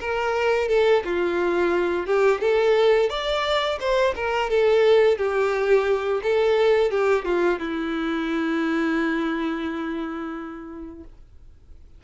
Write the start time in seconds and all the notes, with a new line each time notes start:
0.00 A#4
0.69 A4
1.04 F4
2.07 G4
2.41 A4
3.10 D5
3.80 C5
4.16 A#4
4.50 A4
5.18 G4
6.23 A4
6.91 G4
7.25 F4
7.59 E4